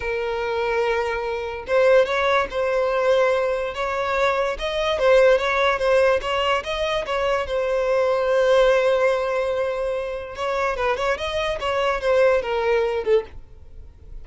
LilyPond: \new Staff \with { instrumentName = "violin" } { \time 4/4 \tempo 4 = 145 ais'1 | c''4 cis''4 c''2~ | c''4 cis''2 dis''4 | c''4 cis''4 c''4 cis''4 |
dis''4 cis''4 c''2~ | c''1~ | c''4 cis''4 b'8 cis''8 dis''4 | cis''4 c''4 ais'4. a'8 | }